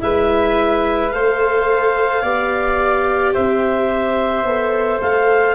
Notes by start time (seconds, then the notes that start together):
0.00 G#3 E4 B4 E5
1.10 A3 A4 C5 F5
2.22 B3 G4 D5
3.34 C4 C5 E5
4.44 B3 A4
5.01 A3 F5